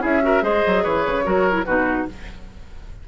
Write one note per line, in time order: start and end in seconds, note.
0.00 0.42 C#4
0.00 0.20 E4
0.00 0.21 G#4
0.00 0.44 E5
0.21 0.41 F#4
0.21 0.43 A#4
0.41 0.62 G#3
0.41 1.23 G#4
0.41 0.83 C5
0.41 0.84 D#5
0.66 0.85 F#3
0.83 1.06 E3
0.83 1.24 B4
0.83 1.64 C#5
1.06 1.26 C#3
1.24 1.66 F#3
1.24 1.51 F#4
1.24 1.65 A#4
1.51 1.62 E4
1.64 2.07 B2
1.64 2.08 D#4
1.64 2.06 F#4
1.64 2.05 B4